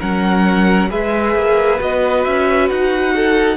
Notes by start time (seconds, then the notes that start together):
0.00 F#3 C#4 A#4 F#5
0.90 G#3 G#4 B4 E5
1.35 A#3
1.79 B3 F#4 D#5
2.24 C#4 E5
2.70 D#4 F#5
3.16 A4